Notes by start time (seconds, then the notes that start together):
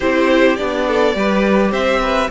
0.00 C4 E4 G4 C5
0.56 B3 D4 D5
0.87 A4
1.14 G3 G4 B4
1.71 C4 C5 E5
2.01 B4